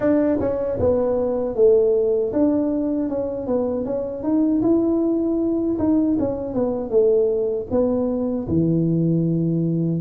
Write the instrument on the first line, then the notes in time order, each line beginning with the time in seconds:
tuba
0.00 D4
0.40 C#4
0.79 B3
1.55 A3
2.32 D4
3.09 C#4
3.46 B3
3.85 C#4
4.23 D#4
4.62 E4
5.79 D#4
6.19 C#4
6.54 B3
6.90 A3
7.70 B3
8.48 E3